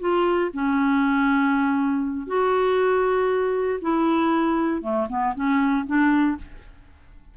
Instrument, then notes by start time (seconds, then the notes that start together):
clarinet
0.00 F4
0.53 C#4
2.27 F#4
3.81 E4
4.82 A3
5.09 B3
5.35 C#4
5.86 D4